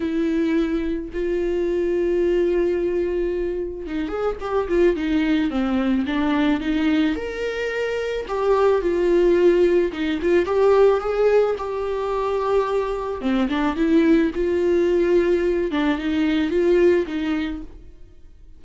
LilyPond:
\new Staff \with { instrumentName = "viola" } { \time 4/4 \tempo 4 = 109 e'2 f'2~ | f'2. dis'8 gis'8 | g'8 f'8 dis'4 c'4 d'4 | dis'4 ais'2 g'4 |
f'2 dis'8 f'8 g'4 | gis'4 g'2. | c'8 d'8 e'4 f'2~ | f'8 d'8 dis'4 f'4 dis'4 | }